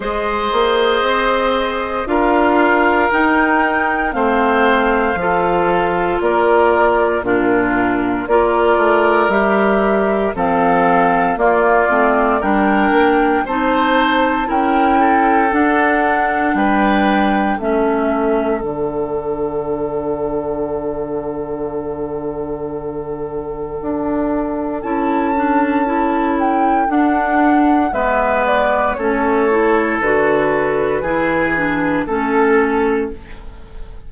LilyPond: <<
  \new Staff \with { instrumentName = "flute" } { \time 4/4 \tempo 4 = 58 dis''2 f''4 g''4 | f''2 d''4 ais'4 | d''4 e''4 f''4 d''4 | g''4 a''4 g''4 fis''4 |
g''4 e''4 fis''2~ | fis''1 | a''4. g''8 fis''4 e''8 d''8 | cis''4 b'2 a'4 | }
  \new Staff \with { instrumentName = "oboe" } { \time 4/4 c''2 ais'2 | c''4 a'4 ais'4 f'4 | ais'2 a'4 f'4 | ais'4 c''4 ais'8 a'4. |
b'4 a'2.~ | a'1~ | a'2. b'4 | a'2 gis'4 a'4 | }
  \new Staff \with { instrumentName = "clarinet" } { \time 4/4 gis'2 f'4 dis'4 | c'4 f'2 d'4 | f'4 g'4 c'4 ais8 c'8 | d'4 dis'4 e'4 d'4~ |
d'4 cis'4 d'2~ | d'1 | e'8 d'8 e'4 d'4 b4 | cis'8 e'8 fis'4 e'8 d'8 cis'4 | }
  \new Staff \with { instrumentName = "bassoon" } { \time 4/4 gis8 ais8 c'4 d'4 dis'4 | a4 f4 ais4 ais,4 | ais8 a8 g4 f4 ais8 a8 | g8 ais8 c'4 cis'4 d'4 |
g4 a4 d2~ | d2. d'4 | cis'2 d'4 gis4 | a4 d4 e4 a4 | }
>>